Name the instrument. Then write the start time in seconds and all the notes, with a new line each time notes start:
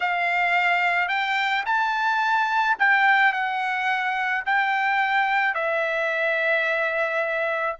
trumpet
0.00 F5
1.08 G5
1.65 A5
2.78 G5
3.32 F#5
4.45 G5
5.54 E5